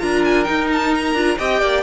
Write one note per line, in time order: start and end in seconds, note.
0.00 0.49 D4
0.00 0.46 F4
0.00 1.38 A#4
0.00 0.23 A#5
0.25 0.44 G#5
0.44 1.14 D#4
0.44 0.67 G5
0.73 0.95 A5
0.95 1.39 A#5
1.14 1.37 D4
1.14 1.39 F4
1.38 1.62 C4
1.38 1.83 G4
1.38 1.61 D#5
1.38 1.83 G5
1.61 1.83 A#3
1.61 1.83 D5